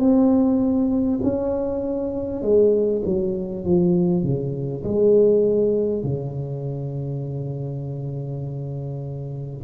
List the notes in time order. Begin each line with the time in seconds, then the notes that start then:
0.00 C4
1.23 C#4
2.43 G#3
3.05 F#3
3.65 F3
4.23 C#3
4.84 G#3
6.04 C#3